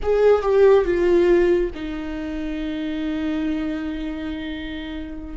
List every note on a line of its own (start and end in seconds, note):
0.02 0.42 G#4
0.42 0.85 G4
0.85 1.70 F4
1.74 5.37 D#4